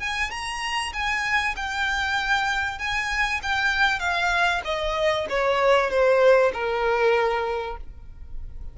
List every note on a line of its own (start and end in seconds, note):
0.00 0.31 G#5
0.31 0.93 A#5
0.93 1.55 G#5
1.57 2.79 G5
2.79 3.41 G#5
3.43 4.00 G5
4.00 4.62 F5
4.65 5.27 D#5
5.30 5.90 C#5
5.90 6.52 C5
6.54 7.77 A#4